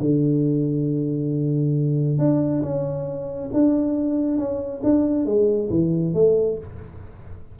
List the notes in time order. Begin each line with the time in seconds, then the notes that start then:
0.00 D3
2.18 D4
2.62 C#4
3.53 D4
4.38 C#4
4.83 D4
5.25 G#3
5.70 E3
6.14 A3